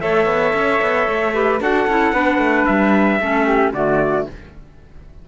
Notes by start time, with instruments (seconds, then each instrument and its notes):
0.00 cello A3, clarinet A4, flute C#5, trumpet E5
0.26 cello B3
0.54 cello C#4
0.81 cello B3
1.09 cello A3
1.34 clarinet G4, flute B4
1.60 cello D4, clarinet F#4, flute A4, trumpet F#5
1.87 cello C#4, clarinet E4
2.13 cello B3, clarinet D4, flute B4
2.38 cello A3
2.66 cello G3, trumpet E5
3.20 cello A3, clarinet C#4, flute A4
3.46 flute G4
3.72 cello D3, clarinet A3, flute F#4, trumpet D5